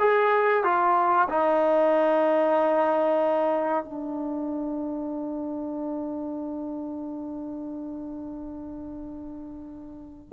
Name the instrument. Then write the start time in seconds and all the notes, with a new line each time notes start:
trombone
0.00 G#4
0.64 F4
1.29 D#4
3.85 D4